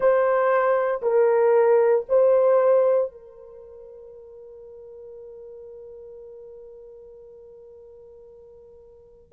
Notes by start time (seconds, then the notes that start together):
0.00 C5
1.02 A#4
2.08 C5
3.11 A#4